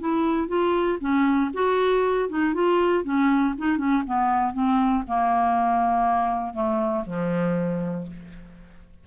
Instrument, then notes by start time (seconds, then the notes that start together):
clarinet
0.00 E4
0.48 F4
1.01 C#4
1.54 F#4
2.29 D#4
2.54 F4
3.04 C#4
3.58 D#4
3.78 C#4
4.07 B3
4.54 C4
5.07 A#3
6.54 A3
7.06 F3